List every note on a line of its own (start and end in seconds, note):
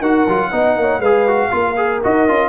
0.00 0.25 D#4
0.00 0.27 F#4
0.00 0.50 A#4
0.00 1.01 F#5
0.28 0.52 F#3
0.28 0.51 F4
0.51 0.76 B3
0.51 1.01 D#4
0.51 0.78 D#5
0.76 0.99 A#3
0.76 1.00 C#5
0.99 1.49 G#3
0.99 1.27 G#4
0.99 1.50 B4
0.99 2.01 F5
1.27 1.50 F#4
1.50 2.03 A#3
1.50 1.75 F4
1.50 2.49 A#4
1.76 2.01 G#4
2.03 2.28 D#4
2.03 2.28 F#4
2.03 2.49 D#5
2.28 2.49 C#4
2.28 2.49 F4